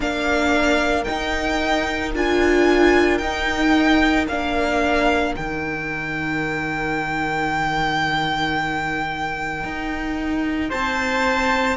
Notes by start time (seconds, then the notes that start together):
0.00 A#3 D4 A#4 F5
1.04 D#4 G5
2.15 D4 F4 G#5
3.18 D#4 G5
4.27 A#3 D4 F5
5.35 D#3 D#4 G5
9.63 D#4
10.69 C4 C5 A5